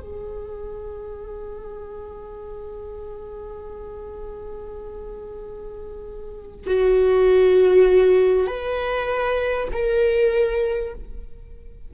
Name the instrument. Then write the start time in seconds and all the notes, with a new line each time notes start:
viola
0.00 G#4
6.67 F#4
8.47 B4
9.73 A#4